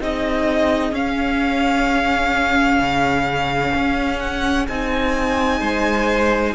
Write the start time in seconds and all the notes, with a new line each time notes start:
0.00 C4 D#4 G#4 D#5
0.92 C#4 F5
2.80 C#3
3.75 C#4
4.20 F#5
4.69 C4 D#4 G#5
5.61 G#3 C5